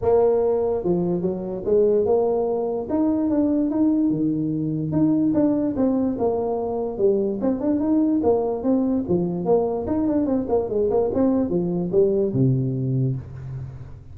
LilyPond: \new Staff \with { instrumentName = "tuba" } { \time 4/4 \tempo 4 = 146 ais2 f4 fis4 | gis4 ais2 dis'4 | d'4 dis'4 dis2 | dis'4 d'4 c'4 ais4~ |
ais4 g4 c'8 d'8 dis'4 | ais4 c'4 f4 ais4 | dis'8 d'8 c'8 ais8 gis8 ais8 c'4 | f4 g4 c2 | }